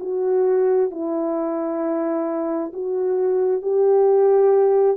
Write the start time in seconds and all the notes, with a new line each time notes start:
0.00 F#4
0.90 E4
2.73 F#4
3.62 G4